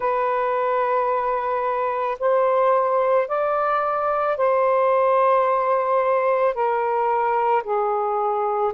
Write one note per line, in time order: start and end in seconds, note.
0.00 2.18 B4
2.19 3.28 C5
3.28 4.37 D5
4.37 6.54 C5
6.54 7.63 A#4
7.63 8.72 G#4